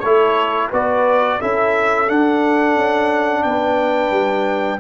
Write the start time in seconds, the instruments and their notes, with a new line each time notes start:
0.00 tuba A3, trombone E4, horn A4, trumpet C#5
0.70 tuba B3, trombone F#4, horn B4, trumpet D5
1.39 tuba C#4, trombone E4, horn A4, trumpet E5
2.08 trombone D4, tuba D4, trumpet F#5
2.77 tuba C#4
3.43 tuba B3, horn B4, trumpet G5
4.11 tuba G3